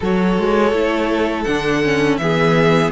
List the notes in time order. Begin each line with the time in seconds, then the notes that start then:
0.00 F#3 F#4 A4 C#5
0.38 G#3
0.72 A3 E4
1.43 D3 D4 F#5
1.83 C#4
2.17 E3 B3 G#4 E5